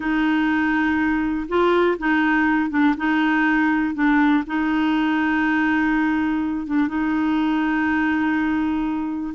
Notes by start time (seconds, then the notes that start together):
0.00 D#4
1.48 F4
1.98 D#4
2.70 D4
2.97 D#4
3.94 D4
4.46 D#4
6.67 D4
6.87 D#4